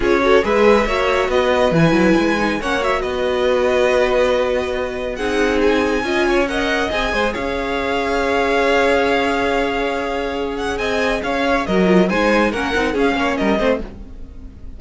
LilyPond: <<
  \new Staff \with { instrumentName = "violin" } { \time 4/4 \tempo 4 = 139 cis''4 e''2 dis''4 | gis''2 fis''8 e''8 dis''4~ | dis''1 | fis''4 gis''2 fis''4 |
gis''4 f''2.~ | f''1~ | f''8 fis''8 gis''4 f''4 dis''4 | gis''4 fis''4 f''4 dis''4 | }
  \new Staff \with { instrumentName = "violin" } { \time 4/4 gis'8 a'8 b'4 cis''4 b'4~ | b'2 cis''4 b'4~ | b'1 | gis'2 dis''8 cis''8 dis''4~ |
dis''8 c''8 cis''2.~ | cis''1~ | cis''4 dis''4 cis''4 ais'4 | c''4 ais'4 gis'8 cis''8 ais'8 c''8 | }
  \new Staff \with { instrumentName = "viola" } { \time 4/4 f'8 fis'8 gis'4 fis'2 | e'4. dis'8 cis'8 fis'4.~ | fis'1 | dis'2 f'4 ais'4 |
gis'1~ | gis'1~ | gis'2. fis'8 f'8 | dis'4 cis'8 dis'8 cis'4. c'8 | }
  \new Staff \with { instrumentName = "cello" } { \time 4/4 cis'4 gis4 ais4 b4 | e8 fis8 gis4 ais4 b4~ | b1 | c'2 cis'2 |
c'8 gis8 cis'2.~ | cis'1~ | cis'4 c'4 cis'4 fis4 | gis4 ais8 c'8 cis'8 ais8 g8 a8 | }
>>